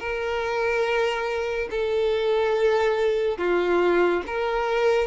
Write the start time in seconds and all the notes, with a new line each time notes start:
0.00 A#4
1.71 A4
3.38 F4
4.27 A#4